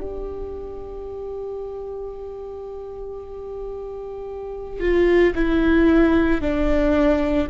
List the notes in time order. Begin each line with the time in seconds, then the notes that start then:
0.00 G4
4.80 F4
5.35 E4
6.41 D4